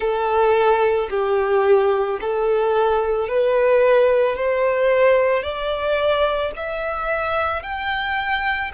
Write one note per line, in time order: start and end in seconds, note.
0.00 1.09 A4
1.10 2.19 G4
2.20 3.28 A4
3.28 4.35 B4
4.35 5.42 C5
5.42 6.52 D5
6.56 7.62 E5
7.62 8.71 G5